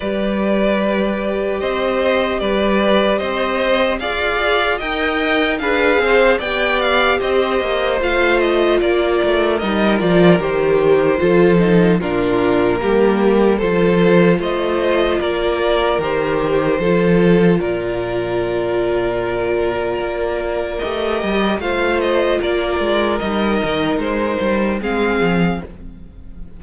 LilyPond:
<<
  \new Staff \with { instrumentName = "violin" } { \time 4/4 \tempo 4 = 75 d''2 dis''4 d''4 | dis''4 f''4 g''4 f''4 | g''8 f''8 dis''4 f''8 dis''8 d''4 | dis''8 d''8 c''2 ais'4~ |
ais'4 c''4 dis''4 d''4 | c''2 d''2~ | d''2 dis''4 f''8 dis''8 | d''4 dis''4 c''4 f''4 | }
  \new Staff \with { instrumentName = "violin" } { \time 4/4 b'2 c''4 b'4 | c''4 d''4 dis''4 b'8 c''8 | d''4 c''2 ais'4~ | ais'2 a'4 f'4 |
g'4 a'4 c''4 ais'4~ | ais'4 a'4 ais'2~ | ais'2. c''4 | ais'2. gis'4 | }
  \new Staff \with { instrumentName = "viola" } { \time 4/4 g'1~ | g'4 gis'4 ais'4 gis'4 | g'2 f'2 | dis'8 f'8 g'4 f'8 dis'8 d'4 |
ais4 f'2. | g'4 f'2.~ | f'2 g'4 f'4~ | f'4 dis'2 c'4 | }
  \new Staff \with { instrumentName = "cello" } { \time 4/4 g2 c'4 g4 | c'4 f'4 dis'4 d'8 c'8 | b4 c'8 ais8 a4 ais8 a8 | g8 f8 dis4 f4 ais,4 |
g4 f4 a4 ais4 | dis4 f4 ais,2~ | ais,4 ais4 a8 g8 a4 | ais8 gis8 g8 dis8 gis8 g8 gis8 f8 | }
>>